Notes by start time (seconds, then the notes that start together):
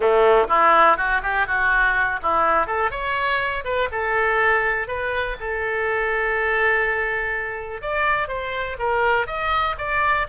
0.00 A3
0.48 E4
0.97 F#4
1.22 G4
1.46 F#4
2.22 E4
2.67 A4
2.90 C#5
3.64 B4
3.91 A4
4.87 B4
5.39 A4
7.81 D5
8.28 C5
8.78 A#4
9.26 D#5
9.78 D5